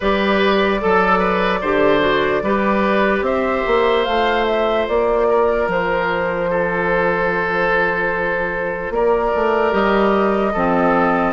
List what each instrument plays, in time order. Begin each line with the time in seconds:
0.00 bassoon G3, clarinet G4, oboe B4, flute D5
0.80 bassoon F#3, clarinet A4, oboe A4
1.18 oboe B4
1.61 bassoon D3, clarinet G4, oboe C5
2.00 clarinet F#4
2.42 bassoon G3, clarinet G4, oboe B4
3.21 bassoon C4, oboe C5, flute E5
3.66 bassoon A#3
4.04 bassoon A3, clarinet F4, flute F5
4.46 flute E5
4.88 bassoon A#3, flute D5
5.29 oboe A#4
5.67 bassoon F3, flute C5
6.50 oboe A4
8.90 bassoon A#3, oboe A#4, flute D5
9.35 bassoon A3
9.70 bassoon G3, clarinet G4, flute D#5
10.52 bassoon F3, clarinet C4, oboe A4